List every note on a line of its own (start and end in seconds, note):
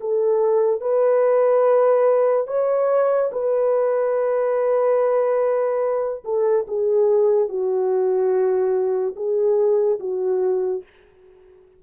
0.00 0.81 A4
0.81 2.47 B4
2.47 3.31 C#5
3.32 6.23 B4
6.24 6.66 A4
6.67 7.48 G#4
7.48 9.15 F#4
9.16 9.99 G#4
10.00 10.83 F#4